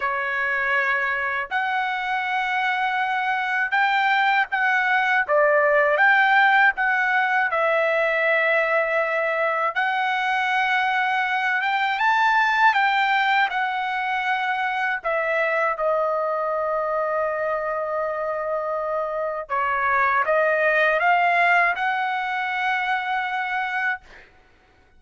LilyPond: \new Staff \with { instrumentName = "trumpet" } { \time 4/4 \tempo 4 = 80 cis''2 fis''2~ | fis''4 g''4 fis''4 d''4 | g''4 fis''4 e''2~ | e''4 fis''2~ fis''8 g''8 |
a''4 g''4 fis''2 | e''4 dis''2.~ | dis''2 cis''4 dis''4 | f''4 fis''2. | }